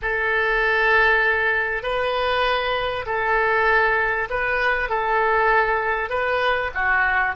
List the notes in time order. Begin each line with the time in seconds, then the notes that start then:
0.02 A4
1.82 B4
3.06 A4
4.29 B4
4.89 A4
6.09 B4
6.74 F#4